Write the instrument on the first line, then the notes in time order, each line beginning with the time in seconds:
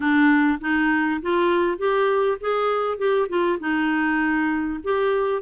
clarinet
0.00 D4
0.60 D#4
1.22 F4
1.78 G4
2.40 G#4
2.98 G4
3.28 F4
3.59 D#4
4.83 G4